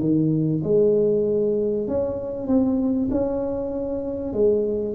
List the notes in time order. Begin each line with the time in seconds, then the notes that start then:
0.00 D#3
0.64 G#3
1.87 C#4
2.47 C4
3.10 C#4
4.33 G#3